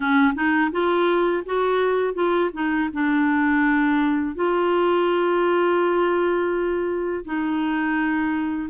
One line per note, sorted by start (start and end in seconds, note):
0.00 0.34 C#4
0.34 0.70 D#4
0.71 1.43 F4
1.45 2.14 F#4
2.14 2.50 F4
2.53 2.89 D#4
2.93 4.35 D4
4.35 7.24 F4
7.25 8.69 D#4